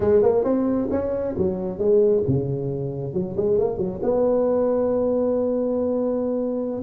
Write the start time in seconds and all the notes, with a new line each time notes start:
0.00 G#3
0.22 A#3
0.44 C4
0.91 C#4
1.37 F#3
1.78 G#3
2.27 C#3
3.13 F#3
3.36 G#3
3.59 A#3
3.77 F#3
4.02 B3